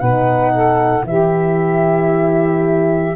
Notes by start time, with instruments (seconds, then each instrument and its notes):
0.00 tuba B2, horn D#4, saxophone B4, flute F#5
0.52 saxophone A4
1.03 tuba E3, horn E4, saxophone G4, flute E5